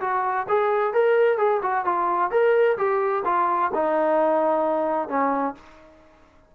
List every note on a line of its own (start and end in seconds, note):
0.00 0.46 F#4
0.48 0.93 G#4
0.93 1.38 A#4
1.38 1.61 G#4
1.62 1.85 F#4
1.85 2.31 F4
2.31 2.77 A#4
2.77 3.23 G4
3.25 3.71 F4
3.74 5.08 D#4
5.08 5.54 C#4